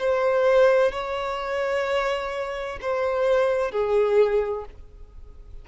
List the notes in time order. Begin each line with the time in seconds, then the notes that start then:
0.00 C5
0.92 C#5
2.82 C5
3.72 G#4